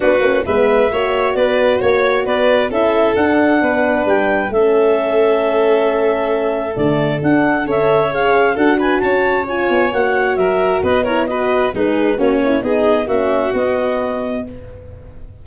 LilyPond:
<<
  \new Staff \with { instrumentName = "clarinet" } { \time 4/4 \tempo 4 = 133 b'4 e''2 d''4 | cis''4 d''4 e''4 fis''4~ | fis''4 g''4 e''2~ | e''2. d''4 |
fis''4 e''4 f''4 fis''8 gis''8 | a''4 gis''4 fis''4 e''4 | dis''8 cis''8 dis''4 b'4 cis''4 | dis''4 e''4 dis''2 | }
  \new Staff \with { instrumentName = "violin" } { \time 4/4 fis'4 b'4 cis''4 b'4 | cis''4 b'4 a'2 | b'2 a'2~ | a'1~ |
a'4 cis''2 a'8 b'8 | cis''2. ais'4 | b'8 ais'8 b'4 dis'4 cis'4 | gis'4 fis'2. | }
  \new Staff \with { instrumentName = "horn" } { \time 4/4 d'8 cis'8 b4 fis'2~ | fis'2 e'4 d'4~ | d'2 cis'2~ | cis'2. a4 |
d'4 a'4 gis'4 fis'4~ | fis'4 f'4 fis'2~ | fis'8 e'8 fis'4 gis'4 fis'8 e'8 | dis'4 cis'4 b2 | }
  \new Staff \with { instrumentName = "tuba" } { \time 4/4 b8 ais8 gis4 ais4 b4 | ais4 b4 cis'4 d'4 | b4 g4 a2~ | a2. d4 |
d'4 cis'2 d'4 | cis'4. b8 ais4 fis4 | b2 gis4 ais4 | b4 ais4 b2 | }
>>